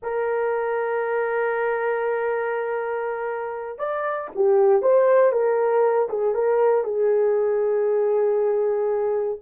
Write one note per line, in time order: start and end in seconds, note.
0.02 3.78 A#4
3.78 4.29 D5
4.35 4.82 G4
4.82 5.32 C5
5.32 6.08 A#4
6.09 6.34 G#4
6.34 6.84 A#4
6.84 9.38 G#4